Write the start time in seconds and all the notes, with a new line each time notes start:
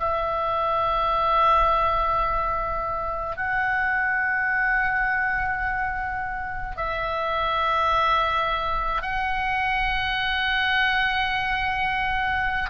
0.00 E5
3.37 F#5
6.77 E5
9.02 F#5